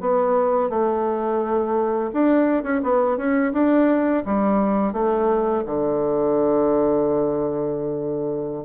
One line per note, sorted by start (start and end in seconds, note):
0.00 0.69 B3
0.69 2.10 A3
2.13 2.63 D4
2.63 2.80 C#4
2.83 3.17 B3
3.17 3.52 C#4
3.53 4.23 D4
4.25 4.93 G3
4.93 5.63 A3
5.66 8.64 D3